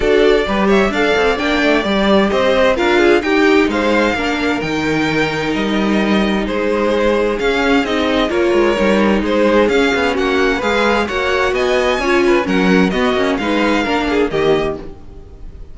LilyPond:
<<
  \new Staff \with { instrumentName = "violin" } { \time 4/4 \tempo 4 = 130 d''4. e''8 f''4 g''4 | d''4 dis''4 f''4 g''4 | f''2 g''2 | dis''2 c''2 |
f''4 dis''4 cis''2 | c''4 f''4 fis''4 f''4 | fis''4 gis''2 fis''4 | dis''4 f''2 dis''4 | }
  \new Staff \with { instrumentName = "violin" } { \time 4/4 a'4 b'8 cis''8 d''2~ | d''4 c''4 ais'8 gis'8 g'4 | c''4 ais'2.~ | ais'2 gis'2~ |
gis'2 ais'2 | gis'2 fis'4 b'4 | cis''4 dis''4 cis''8 b'8 ais'4 | fis'4 b'4 ais'8 gis'8 g'4 | }
  \new Staff \with { instrumentName = "viola" } { \time 4/4 fis'4 g'4 a'4 d'4 | g'2 f'4 dis'4~ | dis'4 d'4 dis'2~ | dis'1 |
cis'4 dis'4 f'4 dis'4~ | dis'4 cis'2 gis'4 | fis'2 f'4 cis'4 | b8 cis'8 dis'4 d'4 ais4 | }
  \new Staff \with { instrumentName = "cello" } { \time 4/4 d'4 g4 d'8 c'8 ais8 a8 | g4 c'4 d'4 dis'4 | gis4 ais4 dis2 | g2 gis2 |
cis'4 c'4 ais8 gis8 g4 | gis4 cis'8 b8 ais4 gis4 | ais4 b4 cis'4 fis4 | b8 ais8 gis4 ais4 dis4 | }
>>